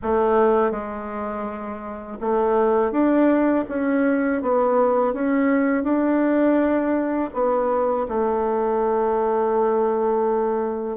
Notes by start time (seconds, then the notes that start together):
0.02 A3
0.71 G#3
2.20 A3
2.91 D4
3.69 C#4
4.42 B3
5.13 C#4
5.83 D4
7.33 B3
8.08 A3